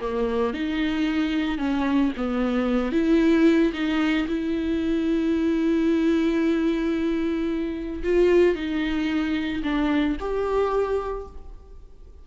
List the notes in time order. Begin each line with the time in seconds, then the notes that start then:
0.00 A#3
0.53 D#4
1.58 C#4
2.16 B3
2.91 E4
3.73 D#4
4.27 E4
8.03 F4
8.55 D#4
9.63 D4
10.20 G4